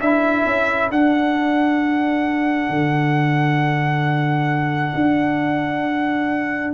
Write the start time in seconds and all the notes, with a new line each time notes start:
0.00 D4 E4 A4 E5
0.45 C#4
0.90 D4 F#5
2.69 D3
4.95 D4